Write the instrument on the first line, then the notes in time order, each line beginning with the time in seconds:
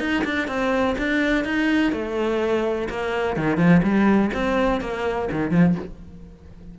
cello
0.00 D#4
0.25 D4
0.48 C4
0.98 D4
1.44 D#4
1.93 A3
2.90 A#3
3.37 D#3
3.58 F3
3.83 G3
4.34 C4
4.81 A#3
5.32 D#3
5.51 F3